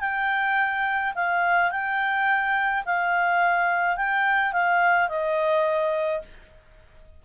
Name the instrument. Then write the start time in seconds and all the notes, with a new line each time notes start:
clarinet
0.00 G5
1.14 F5
1.71 G5
2.85 F5
3.96 G5
4.53 F5
5.08 D#5